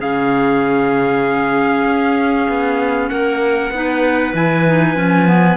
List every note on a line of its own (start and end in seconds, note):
0.00 1.85 C#3
0.00 3.72 C#4
0.00 3.09 G#4
0.00 3.09 F5
1.85 2.47 C#4
2.48 3.10 B3
3.09 3.71 A#3
3.09 3.72 A#4
3.09 4.33 F#5
3.71 4.33 B3
3.71 4.35 D#4
3.71 5.57 B4
4.34 4.95 E3
4.34 4.65 E4
4.34 5.57 G#5
4.67 4.96 D#4
4.95 5.57 F3
4.95 5.27 C#4
5.27 5.57 B3